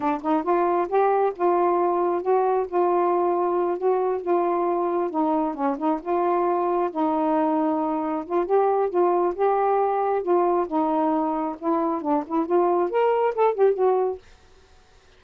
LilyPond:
\new Staff \with { instrumentName = "saxophone" } { \time 4/4 \tempo 4 = 135 d'8 dis'8 f'4 g'4 f'4~ | f'4 fis'4 f'2~ | f'8 fis'4 f'2 dis'8~ | dis'8 cis'8 dis'8 f'2 dis'8~ |
dis'2~ dis'8 f'8 g'4 | f'4 g'2 f'4 | dis'2 e'4 d'8 e'8 | f'4 ais'4 a'8 g'8 fis'4 | }